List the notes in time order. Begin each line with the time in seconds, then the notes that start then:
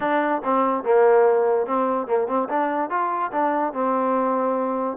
0.00 D4
0.44 C4
0.83 A#3
1.66 C4
2.07 A#3
2.27 C4
2.49 D4
2.89 F4
3.32 D4
3.73 C4